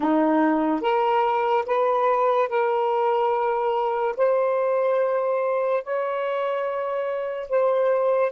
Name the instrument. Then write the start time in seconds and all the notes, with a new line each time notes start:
saxophone
0.00 D#4
0.81 A#4
1.66 B4
2.48 A#4
4.17 C5
5.83 C#5
7.49 C5